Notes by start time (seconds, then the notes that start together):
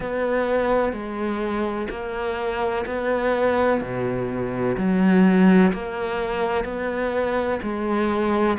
0.00 B3
0.93 G#3
1.90 A#3
2.86 B3
3.81 B2
4.77 F#3
5.72 A#3
6.64 B3
7.62 G#3